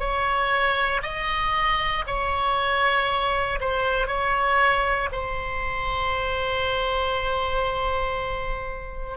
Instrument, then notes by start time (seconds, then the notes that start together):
oboe
0.00 C#5
1.03 D#5
2.07 C#5
3.61 C5
4.07 C#5
5.12 C5